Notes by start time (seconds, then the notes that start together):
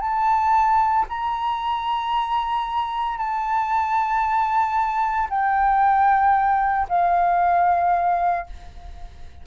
0.00 A5
1.08 A#5
3.17 A5
5.29 G5
6.89 F5